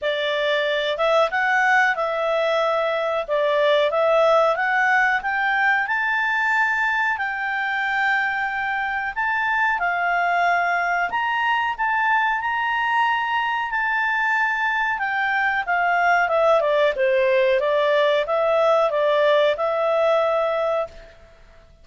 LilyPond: \new Staff \with { instrumentName = "clarinet" } { \time 4/4 \tempo 4 = 92 d''4. e''8 fis''4 e''4~ | e''4 d''4 e''4 fis''4 | g''4 a''2 g''4~ | g''2 a''4 f''4~ |
f''4 ais''4 a''4 ais''4~ | ais''4 a''2 g''4 | f''4 e''8 d''8 c''4 d''4 | e''4 d''4 e''2 | }